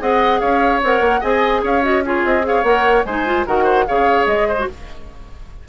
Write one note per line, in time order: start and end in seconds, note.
0.00 0.41 C4
0.00 0.81 G#4
0.00 0.40 D#5
0.00 0.40 F#5
0.40 0.82 C#4
0.40 1.21 C#5
0.40 0.81 F5
0.83 1.00 C4
0.83 1.22 A#4
0.83 1.22 F#5
1.00 1.21 A#3
1.21 1.63 C4
1.21 1.82 G#4
1.21 1.61 D#5
1.21 1.63 G#5
1.63 2.24 C#4
1.63 2.04 C#5
1.63 1.84 F5
1.82 2.02 F#4
1.82 2.04 D#5
2.05 2.43 F4
2.05 2.46 G#4
2.05 2.26 C#5
2.25 2.63 C4
2.25 2.46 D#5
2.43 2.63 G#4
2.43 3.06 C#5
2.43 2.64 F5
2.63 3.04 A#3
2.63 3.05 A#4
2.63 3.04 F#5
3.05 3.46 G#3
3.05 3.26 D#4
3.05 3.46 C5
3.05 3.46 G#5
3.26 3.46 F4
3.46 3.87 D#3
3.46 3.87 F#4
3.46 3.64 A#4
3.46 3.87 F#5
3.64 3.84 C5
3.87 4.26 C#3
3.87 4.58 G#4
3.87 4.48 C#5
3.87 4.26 F5
4.26 4.66 G#3
4.26 4.67 D#5
4.48 4.68 C5
4.58 4.68 F#4